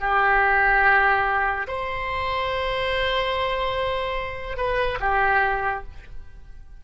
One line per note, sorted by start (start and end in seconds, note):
0.00 1.67 G4
1.67 4.56 C5
4.56 4.98 B4
5.00 5.83 G4